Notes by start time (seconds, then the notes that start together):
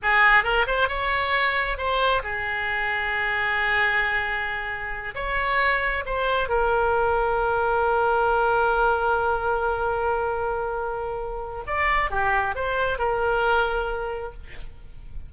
0.02 G#4
0.43 A#4
0.66 C5
0.88 C#5
1.77 C5
2.23 G#4
5.14 C#5
6.05 C5
6.48 A#4
11.66 D5
12.10 G4
12.55 C5
12.98 A#4